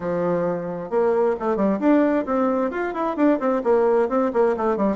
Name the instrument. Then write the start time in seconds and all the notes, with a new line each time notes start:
bassoon
0.00 F3
0.90 A#3
1.39 A3
1.56 G3
1.79 D4
2.25 C4
2.70 F4
2.93 E4
3.16 D4
3.39 C4
3.63 A#3
4.08 C4
4.33 A#3
4.56 A3
4.76 G3